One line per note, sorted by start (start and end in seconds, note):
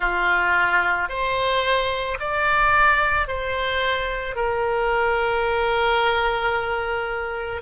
0.00 1.09 F4
1.09 2.18 C5
2.19 3.27 D5
3.27 4.35 C5
4.35 7.61 A#4